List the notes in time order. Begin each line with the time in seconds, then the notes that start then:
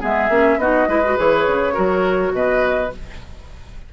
0.00 G#3 B3 G#4 E5
0.29 A#3 C#4
0.57 B3 D#4 F#4 D#5
0.88 G#3 E4 B4
1.05 F#4
1.16 E3 G#4 C#5
1.47 C#3
1.74 F#3 F#4 A#4
2.32 B2 B4 D#5